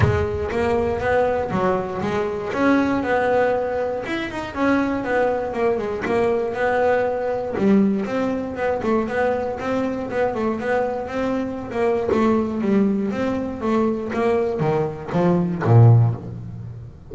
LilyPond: \new Staff \with { instrumentName = "double bass" } { \time 4/4 \tempo 4 = 119 gis4 ais4 b4 fis4 | gis4 cis'4 b2 | e'8 dis'8 cis'4 b4 ais8 gis8 | ais4 b2 g4 |
c'4 b8 a8 b4 c'4 | b8 a8 b4 c'4~ c'16 ais8. | a4 g4 c'4 a4 | ais4 dis4 f4 ais,4 | }